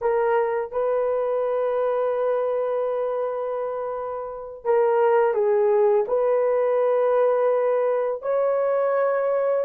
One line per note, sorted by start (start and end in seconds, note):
0.01 0.71 A#4
0.71 4.64 B4
4.64 5.33 A#4
5.33 6.05 G#4
6.07 8.21 B4
8.21 9.64 C#5